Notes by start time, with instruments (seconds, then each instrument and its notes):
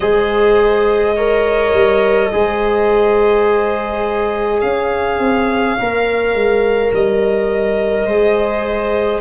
0.00 tuba G#3, trombone G#4, viola C5, violin D#5
1.15 trombone A#4, viola C#5
1.73 tuba G3
2.32 tuba G#3, trombone G#4, viola C5
4.60 tuba C#4, viola C#5, violin F5
5.18 tuba C4
5.78 tuba A#3, trombone A#4
6.34 tuba G#3
6.92 tuba G3, violin D#5
8.06 tuba G#3, trombone G#4, viola C5